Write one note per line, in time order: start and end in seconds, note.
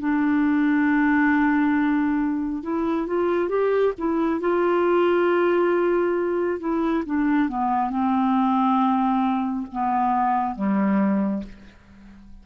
0.00 2.63 D4
2.63 3.07 E4
3.07 3.49 F4
3.49 3.93 G4
3.98 4.41 E4
4.41 6.60 F4
6.60 7.04 E4
7.06 7.49 D4
7.49 7.90 B3
7.90 9.67 C4
9.72 10.56 B3
10.56 11.44 G3